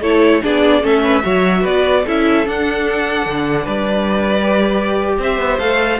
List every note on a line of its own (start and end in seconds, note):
0.00 0.41 A3
0.00 0.42 E4
0.00 0.41 A4
0.00 0.43 C#5
0.42 0.83 B3
0.42 0.81 D4
0.42 0.82 G#4
0.42 0.85 D5
0.81 1.23 A3
0.81 1.22 C#4
0.81 1.02 A4
0.81 1.65 E5
1.02 1.23 B4
1.22 1.64 F#3
1.22 2.04 F#4
1.22 1.61 C#5
1.61 2.05 B3
1.61 2.02 B4
1.61 2.06 D5
2.04 2.47 C#4
2.04 2.45 E4
2.04 3.63 A4
2.04 2.47 E5
2.45 4.37 D4
2.45 3.25 D4
2.45 3.66 F#5
3.25 3.66 D3
3.63 5.18 G3
3.63 5.15 B4
3.63 5.18 D5
4.41 5.59 G4
5.18 5.38 C4
5.18 6.00 C5
5.18 5.59 E5
5.38 5.59 B3
5.59 6.00 A3
5.59 6.00 A4
5.59 5.99 F5